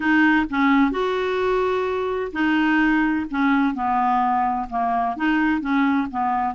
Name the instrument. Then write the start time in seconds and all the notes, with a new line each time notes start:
clarinet
0.00 D#4
0.50 C#4
0.91 F#4
2.32 D#4
3.30 C#4
3.74 B3
4.69 A#3
5.16 D#4
5.60 C#4
6.10 B3